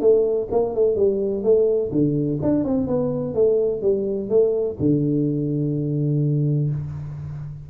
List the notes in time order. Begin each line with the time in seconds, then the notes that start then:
0.00 A3
0.51 A#3
0.74 A3
0.95 G3
1.43 A3
1.92 D3
2.42 D4
2.64 C4
2.87 B3
3.34 A3
3.81 G3
4.29 A3
4.79 D3